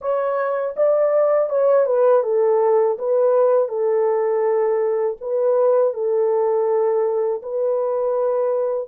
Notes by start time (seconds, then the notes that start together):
0.01 C#5
0.76 D5
1.49 C#5
1.86 B4
2.23 A4
2.98 B4
3.68 A4
5.21 B4
5.93 A4
7.42 B4